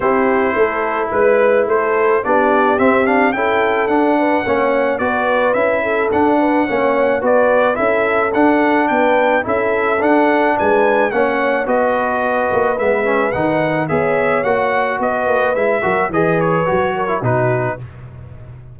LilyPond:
<<
  \new Staff \with { instrumentName = "trumpet" } { \time 4/4 \tempo 4 = 108 c''2 b'4 c''4 | d''4 e''8 f''8 g''4 fis''4~ | fis''4 d''4 e''4 fis''4~ | fis''4 d''4 e''4 fis''4 |
g''4 e''4 fis''4 gis''4 | fis''4 dis''2 e''4 | fis''4 e''4 fis''4 dis''4 | e''4 dis''8 cis''4. b'4 | }
  \new Staff \with { instrumentName = "horn" } { \time 4/4 g'4 a'4 b'4 a'4 | g'2 a'4. b'8 | cis''4 b'4. a'4 b'8 | cis''4 b'4 a'2 |
b'4 a'2 b'4 | cis''4 b'2.~ | b'4 cis''2 b'4~ | b'8 ais'8 b'4. ais'8 fis'4 | }
  \new Staff \with { instrumentName = "trombone" } { \time 4/4 e'1 | d'4 c'8 d'8 e'4 d'4 | cis'4 fis'4 e'4 d'4 | cis'4 fis'4 e'4 d'4~ |
d'4 e'4 d'2 | cis'4 fis'2 b8 cis'8 | dis'4 gis'4 fis'2 | e'8 fis'8 gis'4 fis'8. e'16 dis'4 | }
  \new Staff \with { instrumentName = "tuba" } { \time 4/4 c'4 a4 gis4 a4 | b4 c'4 cis'4 d'4 | ais4 b4 cis'4 d'4 | ais4 b4 cis'4 d'4 |
b4 cis'4 d'4 gis4 | ais4 b4. ais8 gis4 | dis4 b4 ais4 b8 ais8 | gis8 fis8 e4 fis4 b,4 | }
>>